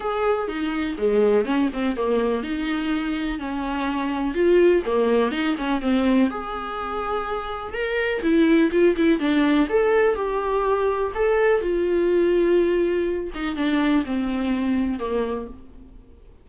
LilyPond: \new Staff \with { instrumentName = "viola" } { \time 4/4 \tempo 4 = 124 gis'4 dis'4 gis4 cis'8 c'8 | ais4 dis'2 cis'4~ | cis'4 f'4 ais4 dis'8 cis'8 | c'4 gis'2. |
ais'4 e'4 f'8 e'8 d'4 | a'4 g'2 a'4 | f'2.~ f'8 dis'8 | d'4 c'2 ais4 | }